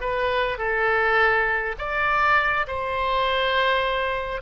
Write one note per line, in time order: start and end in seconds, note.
0.00 0.58 B4
0.58 1.76 A4
1.78 2.66 D5
2.67 4.41 C5